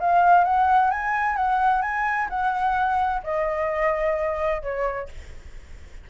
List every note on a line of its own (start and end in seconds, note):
0.00 0.44 F5
0.44 0.91 F#5
0.91 1.36 G#5
1.36 1.82 F#5
1.82 2.29 G#5
2.30 3.23 F#5
3.24 4.62 D#5
4.62 5.09 C#5